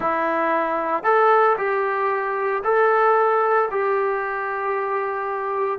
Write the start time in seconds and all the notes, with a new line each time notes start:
0.00 E4
1.03 A4
1.57 G4
2.63 A4
3.71 G4